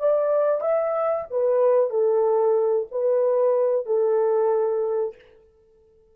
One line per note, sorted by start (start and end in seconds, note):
0.00 0.61 D5
0.61 1.26 E5
1.31 1.91 B4
1.91 2.87 A4
2.92 3.86 B4
3.86 5.15 A4